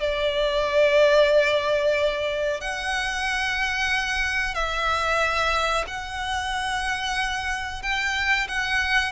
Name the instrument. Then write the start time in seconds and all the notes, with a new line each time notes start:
violin
0.00 D5
2.61 F#5
4.54 E5
5.87 F#5
7.82 G5
8.48 F#5